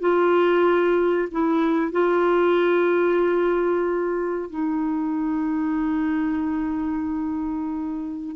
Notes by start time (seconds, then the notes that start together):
0.00 F4
1.32 E4
1.92 F4
4.50 D#4